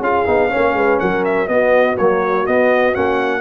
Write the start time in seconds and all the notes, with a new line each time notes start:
0.00 C#4 F4 G#4 F5
0.26 B3 D#4
0.50 A#3 C#4 C#5
0.74 G#3 B4
0.99 F#3 A#4 F#5
1.25 E5
1.47 B3 F#4 D#5
1.98 F#3 A#3 C#5
2.47 B3 D#5
2.93 A#3 C#4 F#5